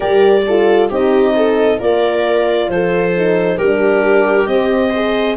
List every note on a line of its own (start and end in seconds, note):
0.00 0.90 G3
0.00 0.44 G4
0.00 0.42 A#4
0.00 0.90 D5
0.47 0.90 F4
0.47 0.89 A4
0.89 1.79 C4
0.89 1.79 D#4
0.89 1.34 G4
0.89 1.81 D#5
1.35 1.79 A4
1.79 2.68 A#3
1.79 3.13 F4
1.79 2.68 A#4
1.79 2.70 D5
2.68 3.58 F3
2.68 3.57 A4
2.68 3.58 C5
3.16 3.61 D#4
3.57 4.47 G3
3.57 4.48 D4
3.57 4.90 G4
3.57 4.46 A#4
4.46 5.37 C4
4.46 4.93 C4
4.46 5.36 D#5
4.90 5.37 G#4
4.90 5.35 C5